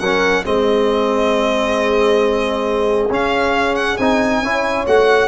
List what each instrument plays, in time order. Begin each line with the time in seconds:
0.00 tuba F#3, trombone C#4, horn A#4, violin F#5
0.45 tuba G#3, trombone C4, horn G#4, violin D#5
3.10 tuba C#4, trombone C#4, violin F5
3.76 violin F#5
3.97 tuba C4, trombone D#4, violin G#5
4.42 tuba C#4, trombone E4, horn C#5
4.87 tuba A3, trombone F#4, violin F#5